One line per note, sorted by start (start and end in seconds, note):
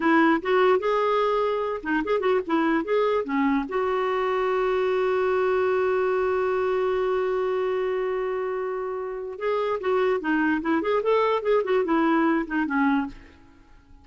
0.00 0.41 E4
0.42 0.79 F#4
0.79 1.81 G#4
1.83 2.03 D#4
2.04 2.20 G#4
2.20 2.40 F#4
2.47 2.84 E4
2.84 3.24 G#4
3.24 3.65 C#4
3.68 9.39 F#4
9.39 9.79 G#4
9.80 10.20 F#4
10.20 10.61 D#4
10.61 10.81 E4
10.81 11.02 G#4
11.02 11.42 A4
11.42 11.62 G#4
11.63 11.84 F#4
11.84 12.45 E4
12.46 12.65 D#4
12.65 13.06 C#4